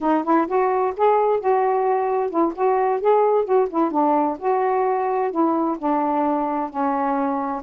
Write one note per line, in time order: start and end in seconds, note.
0.00 0.23 D#4
0.23 0.47 E4
0.47 0.93 F#4
0.97 1.40 G#4
1.40 2.30 F#4
2.30 2.53 E4
2.55 3.00 F#4
3.00 3.44 G#4
3.44 3.68 F#4
3.69 3.91 E4
3.91 4.37 D4
4.38 5.31 F#4
5.31 5.77 E4
5.78 6.69 D4
6.69 7.62 C#4